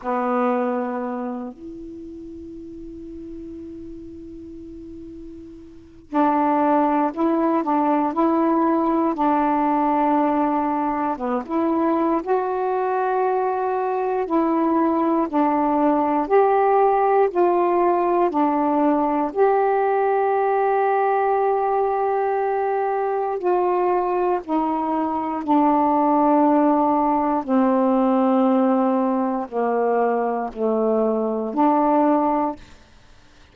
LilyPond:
\new Staff \with { instrumentName = "saxophone" } { \time 4/4 \tempo 4 = 59 b4. e'2~ e'8~ | e'2 d'4 e'8 d'8 | e'4 d'2 b16 e'8. | fis'2 e'4 d'4 |
g'4 f'4 d'4 g'4~ | g'2. f'4 | dis'4 d'2 c'4~ | c'4 ais4 a4 d'4 | }